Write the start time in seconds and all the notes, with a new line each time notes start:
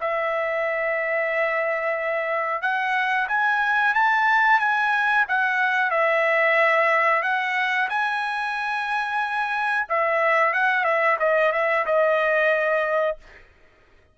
0.00 E5
2.61 F#5
3.28 G#5
3.94 A5
4.59 G#5
5.28 F#5
5.90 E5
7.22 F#5
7.89 G#5
9.89 E5
10.53 F#5
10.84 E5
11.19 D#5
11.52 E5
11.85 D#5